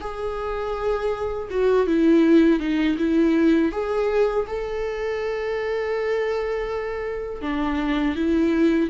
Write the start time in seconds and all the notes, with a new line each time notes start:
0.00 G#4
1.50 F#4
1.86 E4
2.59 D#4
2.98 E4
3.71 G#4
4.47 A4
7.41 D4
8.15 E4